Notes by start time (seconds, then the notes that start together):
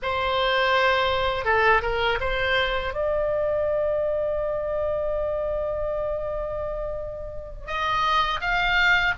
0.02 C5
1.45 A4
1.82 A#4
2.20 C5
2.93 D5
7.67 D#5
8.40 F5